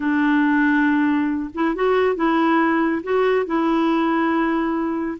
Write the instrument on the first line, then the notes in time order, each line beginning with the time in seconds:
clarinet
0.00 D4
1.54 E4
1.75 F#4
2.15 E4
3.03 F#4
3.45 E4